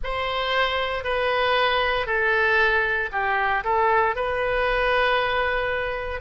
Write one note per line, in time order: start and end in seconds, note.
0.03 1.03 C5
1.03 2.06 B4
2.06 3.09 A4
3.12 3.63 G4
3.63 4.15 A4
4.15 6.21 B4